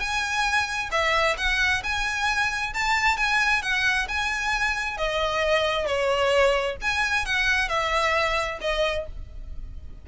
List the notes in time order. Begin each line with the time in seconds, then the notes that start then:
0.00 G#5
0.92 E5
1.38 F#5
1.84 G#5
2.74 A5
3.17 G#5
3.63 F#5
4.08 G#5
4.98 D#5
5.86 C#5
6.82 G#5
7.26 F#5
7.69 E5
8.61 D#5